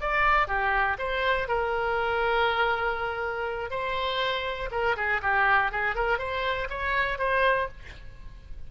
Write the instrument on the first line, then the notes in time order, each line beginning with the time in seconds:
oboe
0.00 D5
0.47 G4
0.98 C5
1.48 A#4
3.70 C5
4.71 A#4
4.96 G#4
5.22 G4
5.71 G#4
5.95 A#4
6.18 C5
6.69 C#5
7.18 C5